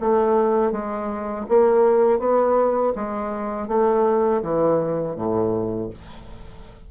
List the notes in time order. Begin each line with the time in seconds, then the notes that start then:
0.00 A3
0.72 G#3
1.48 A#3
2.19 B3
2.95 G#3
3.67 A3
4.42 E3
5.15 A2